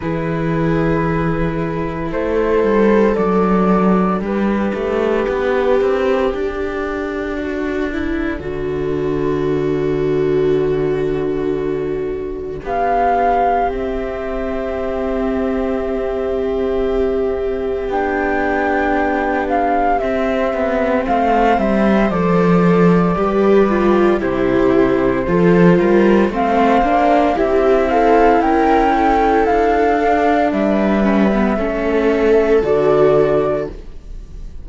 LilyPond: <<
  \new Staff \with { instrumentName = "flute" } { \time 4/4 \tempo 4 = 57 b'2 c''4 d''4 | b'2 a'2~ | a'1 | f''4 e''2.~ |
e''4 g''4. f''8 e''4 | f''8 e''8 d''2 c''4~ | c''4 f''4 e''8 f''8 g''4 | f''4 e''2 d''4 | }
  \new Staff \with { instrumentName = "viola" } { \time 4/4 gis'2 a'2 | g'2. fis'8 e'8 | fis'1 | g'1~ |
g'1 | c''2 b'4 g'4 | a'8 ais'8 c''4 g'8 a'8 ais'8 a'8~ | a'4 b'4 a'2 | }
  \new Staff \with { instrumentName = "viola" } { \time 4/4 e'2. d'4~ | d'1~ | d'1~ | d'4 c'2.~ |
c'4 d'2 c'4~ | c'4 a'4 g'8 f'8 e'4 | f'4 c'8 d'8 e'2~ | e'8 d'4 cis'16 b16 cis'4 fis'4 | }
  \new Staff \with { instrumentName = "cello" } { \time 4/4 e2 a8 g8 fis4 | g8 a8 b8 c'8 d'2 | d1 | b4 c'2.~ |
c'4 b2 c'8 b8 | a8 g8 f4 g4 c4 | f8 g8 a8 ais8 c'4 cis'4 | d'4 g4 a4 d4 | }
>>